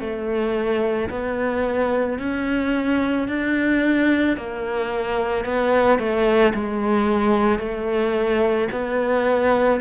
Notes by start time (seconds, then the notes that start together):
0.00 A3
1.10 B3
2.19 C#4
3.28 D4
4.37 A#3
5.45 B3
5.99 A3
6.54 G#3
7.59 A3
8.72 B3